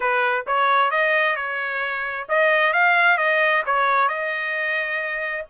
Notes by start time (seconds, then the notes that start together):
0.00 B4
0.46 C#5
0.90 D#5
1.36 C#5
2.28 D#5
2.73 F5
3.17 D#5
3.65 C#5
4.08 D#5